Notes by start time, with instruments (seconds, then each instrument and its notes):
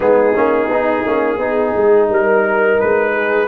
0.00 tuba G#3, trombone B3, horn D#4, trumpet G#4
0.33 tuba A#3, trombone C#4
0.68 tuba B3, trombone D#4
1.05 tuba A#3, trombone C#4
1.38 tuba B3, trombone D#4, horn G#4
1.76 tuba G#3
2.09 tuba G3, horn A#4, trumpet A#4
2.80 tuba G#3, trumpet B4
3.12 horn G#4